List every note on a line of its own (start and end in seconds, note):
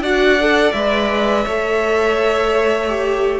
0.00 0.71 D4
0.00 0.39 F#4
0.00 1.45 D5
0.00 0.73 F#5
0.40 0.75 A4
0.73 1.45 G#3
0.73 1.47 B4
0.73 3.40 E5
1.45 3.40 A3
1.45 2.89 A4
1.45 3.40 C#5
2.89 3.40 G4